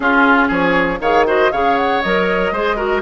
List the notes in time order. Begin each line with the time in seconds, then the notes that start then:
0.00 C#4 F4 G#4
0.48 F3 G#4 C#5
0.99 D#3 G#4 C#5 F5
1.26 F#4 C5 D#5
1.51 C#3 G#4 C#5 F5
1.76 F#5
2.02 F#3 A#4 D#5
2.51 G#3 G#4 C5
2.76 F#4 A#4